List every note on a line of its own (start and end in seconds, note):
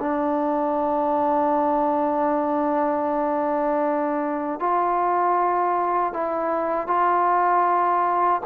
0.00 4.60 D4
4.60 6.13 F4
6.13 6.87 E4
6.87 8.41 F4